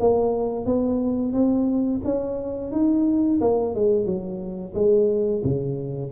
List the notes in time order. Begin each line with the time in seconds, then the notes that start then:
0.00 A#3
0.66 B3
1.33 C4
2.04 C#4
2.72 D#4
3.41 A#3
3.75 G#3
4.05 F#3
4.74 G#3
5.44 C#3